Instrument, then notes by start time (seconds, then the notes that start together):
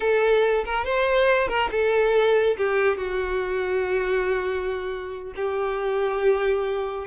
violin
0.00 A4
0.65 A#4
0.85 C5
1.48 A#4
1.71 A4
2.57 G4
2.97 F#4
5.35 G4